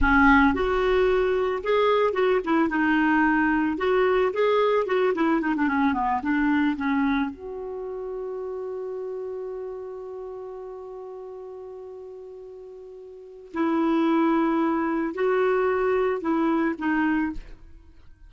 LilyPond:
\new Staff \with { instrumentName = "clarinet" } { \time 4/4 \tempo 4 = 111 cis'4 fis'2 gis'4 | fis'8 e'8 dis'2 fis'4 | gis'4 fis'8 e'8 dis'16 d'16 cis'8 b8 d'8~ | d'8 cis'4 fis'2~ fis'8~ |
fis'1~ | fis'1~ | fis'4 e'2. | fis'2 e'4 dis'4 | }